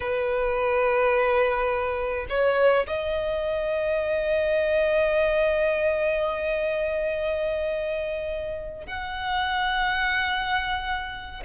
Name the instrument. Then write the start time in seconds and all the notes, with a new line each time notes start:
violin
0.00 B4
2.29 C#5
2.87 D#5
8.86 F#5